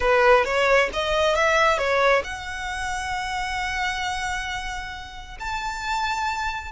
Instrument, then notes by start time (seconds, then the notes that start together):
violin
0.00 B4
0.45 C#5
0.93 D#5
1.35 E5
1.78 C#5
2.24 F#5
5.39 A5